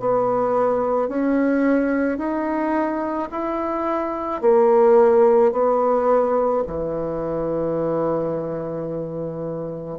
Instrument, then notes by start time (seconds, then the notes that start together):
bassoon
0.00 B3
1.09 C#4
2.18 D#4
3.32 E4
4.42 A#3
5.53 B3
6.67 E3